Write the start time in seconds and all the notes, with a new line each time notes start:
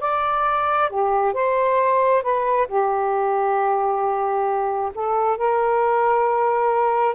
0.00 D5
0.90 G4
1.34 C5
2.23 B4
2.68 G4
4.95 A4
5.38 A#4